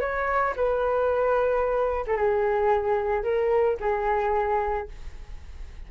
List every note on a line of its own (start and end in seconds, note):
0.00 0.54 C#5
0.56 2.04 B4
2.06 2.16 A4
2.16 3.23 G#4
3.23 3.77 A#4
3.80 4.88 G#4